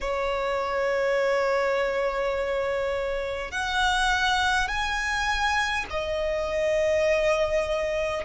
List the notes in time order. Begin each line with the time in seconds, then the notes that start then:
0.01 C#5
3.51 F#5
4.67 G#5
5.90 D#5